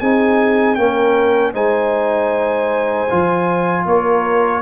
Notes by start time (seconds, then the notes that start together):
0.00 C4 D#4 G#4 G#5
0.75 A#3 C#4 A#4 G5
1.54 G#3 D#4 C5 G#5
3.09 F3 F4
3.86 A#3 A#4 C#5